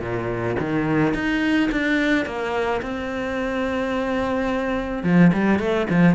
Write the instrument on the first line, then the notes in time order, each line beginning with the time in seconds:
cello
0.00 A#2
0.59 D#3
1.14 D#4
1.71 D4
2.26 A#3
2.82 C4
5.04 F3
5.33 G3
5.59 A3
5.89 F3